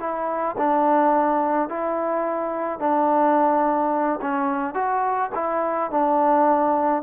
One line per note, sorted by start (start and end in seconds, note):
0.00 0.56 E4
0.58 1.69 D4
1.69 2.80 E4
2.80 4.20 D4
4.22 4.74 C#4
4.74 5.30 F#4
5.35 5.91 E4
5.91 7.03 D4